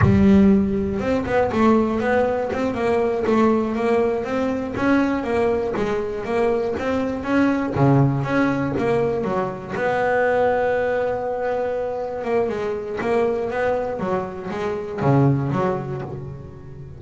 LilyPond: \new Staff \with { instrumentName = "double bass" } { \time 4/4 \tempo 4 = 120 g2 c'8 b8 a4 | b4 c'8 ais4 a4 ais8~ | ais8 c'4 cis'4 ais4 gis8~ | gis8 ais4 c'4 cis'4 cis8~ |
cis8 cis'4 ais4 fis4 b8~ | b1~ | b8 ais8 gis4 ais4 b4 | fis4 gis4 cis4 fis4 | }